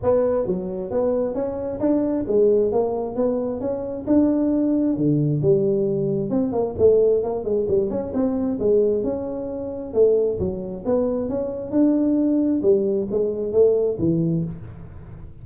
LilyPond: \new Staff \with { instrumentName = "tuba" } { \time 4/4 \tempo 4 = 133 b4 fis4 b4 cis'4 | d'4 gis4 ais4 b4 | cis'4 d'2 d4 | g2 c'8 ais8 a4 |
ais8 gis8 g8 cis'8 c'4 gis4 | cis'2 a4 fis4 | b4 cis'4 d'2 | g4 gis4 a4 e4 | }